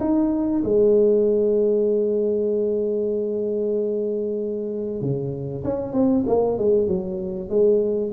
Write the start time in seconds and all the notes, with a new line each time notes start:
0.00 D#4
0.64 G#3
5.01 C#3
5.64 C#4
5.93 C4
6.27 A#3
6.58 G#3
6.87 F#3
7.49 G#3